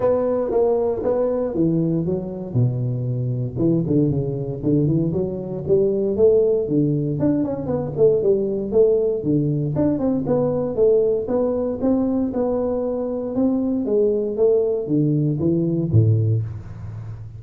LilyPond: \new Staff \with { instrumentName = "tuba" } { \time 4/4 \tempo 4 = 117 b4 ais4 b4 e4 | fis4 b,2 e8 d8 | cis4 d8 e8 fis4 g4 | a4 d4 d'8 cis'8 b8 a8 |
g4 a4 d4 d'8 c'8 | b4 a4 b4 c'4 | b2 c'4 gis4 | a4 d4 e4 a,4 | }